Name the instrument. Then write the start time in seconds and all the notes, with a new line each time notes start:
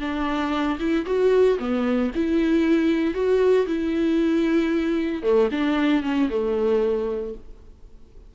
viola
0.00 D4
0.79 E4
1.06 F#4
1.59 B3
2.15 E4
3.14 F#4
3.66 E4
5.23 A3
5.51 D4
6.03 C#4
6.30 A3